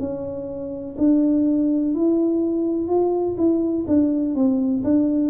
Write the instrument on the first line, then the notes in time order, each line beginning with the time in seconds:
tuba
0.00 C#4
0.98 D4
1.95 E4
2.88 F4
3.38 E4
3.88 D4
4.35 C4
4.84 D4